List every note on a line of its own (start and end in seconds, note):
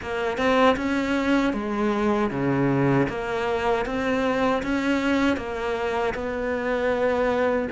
0.02 0.37 A#3
0.37 0.76 C4
0.76 1.53 C#4
1.53 2.30 G#3
2.30 3.07 C#3
3.08 3.85 A#3
3.85 4.62 C4
4.62 5.37 C#4
5.37 6.14 A#3
6.14 7.68 B3